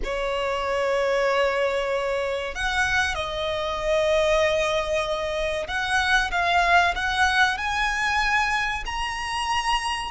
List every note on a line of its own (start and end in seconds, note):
0.03 2.54 C#5
2.54 3.14 F#5
3.14 5.67 D#5
5.67 6.30 F#5
6.31 6.94 F5
6.95 7.57 F#5
7.57 8.84 G#5
8.85 10.11 A#5